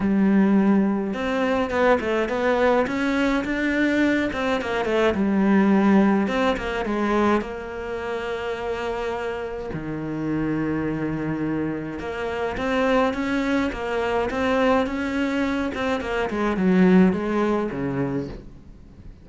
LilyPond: \new Staff \with { instrumentName = "cello" } { \time 4/4 \tempo 4 = 105 g2 c'4 b8 a8 | b4 cis'4 d'4. c'8 | ais8 a8 g2 c'8 ais8 | gis4 ais2.~ |
ais4 dis2.~ | dis4 ais4 c'4 cis'4 | ais4 c'4 cis'4. c'8 | ais8 gis8 fis4 gis4 cis4 | }